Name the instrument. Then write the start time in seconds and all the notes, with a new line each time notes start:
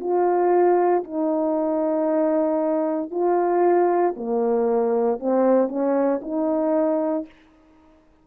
horn
0.00 F4
1.04 D#4
3.11 F4
4.17 A#3
5.20 C4
5.68 C#4
6.22 D#4